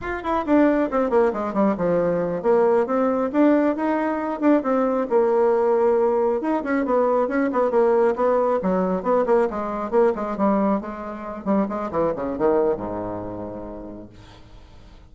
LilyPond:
\new Staff \with { instrumentName = "bassoon" } { \time 4/4 \tempo 4 = 136 f'8 e'8 d'4 c'8 ais8 gis8 g8 | f4. ais4 c'4 d'8~ | d'8 dis'4. d'8 c'4 ais8~ | ais2~ ais8 dis'8 cis'8 b8~ |
b8 cis'8 b8 ais4 b4 fis8~ | fis8 b8 ais8 gis4 ais8 gis8 g8~ | g8 gis4. g8 gis8 e8 cis8 | dis4 gis,2. | }